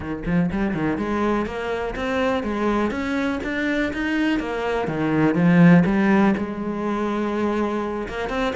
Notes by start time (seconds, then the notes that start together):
0.00 D#3
0.25 F3
0.51 G3
0.74 D#3
0.97 G#3
1.46 A#3
1.95 C4
2.43 G#3
2.90 C#4
3.43 D4
3.93 D#4
4.39 A#3
4.87 D#3
5.34 F3
5.85 G3
6.37 G#3
8.08 A#3
8.29 C4